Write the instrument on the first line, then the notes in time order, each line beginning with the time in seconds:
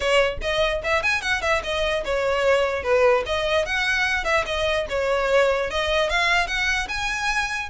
violin
0.00 C#5
0.41 D#5
0.83 E5
1.02 G#5
1.21 F#5
1.41 E5
1.63 D#5
2.04 C#5
2.83 B4
3.26 D#5
3.65 F#5
4.24 E5
4.45 D#5
4.89 C#5
5.70 D#5
6.09 F5
6.47 F#5
6.88 G#5